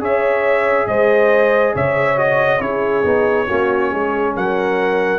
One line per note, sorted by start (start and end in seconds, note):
0.00 0.87 C#4
0.00 2.17 G#4
0.00 0.88 C#5
0.00 0.87 E5
0.87 1.74 G#3
0.87 1.75 C5
0.87 1.74 D#5
1.75 2.61 C#3
1.75 2.62 C#5
1.75 2.18 E5
2.17 2.60 F#4
2.17 2.61 D#5
2.60 3.04 C#4
2.60 3.03 E4
2.60 3.48 G#4
2.60 4.35 C#5
3.03 3.48 B3
3.03 3.47 D#4
3.47 3.93 A#3
3.47 5.19 C#4
3.47 3.91 F#4
3.91 4.36 G#3
3.91 4.35 G#4
4.36 5.19 F#3
4.36 5.19 A#4
4.36 5.19 F#5